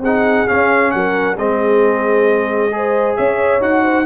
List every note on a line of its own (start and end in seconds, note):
0.00 0.45 C4
0.00 0.47 D#4
0.00 0.91 G#4
0.00 0.48 F#5
0.47 1.37 C#4
0.47 0.93 C#4
0.47 0.91 F5
0.91 1.37 F#3
0.91 1.39 A#4
0.91 1.36 F#5
1.37 3.16 G#3
1.37 2.71 C4
1.37 2.73 G#4
1.37 3.16 D#5
2.71 3.61 G#4
2.71 3.17 C5
3.16 3.60 C#4
3.16 3.83 C#5
3.16 3.61 E5
3.60 4.05 D#4
3.60 4.05 F#4
3.60 4.05 F#5
3.83 4.05 C5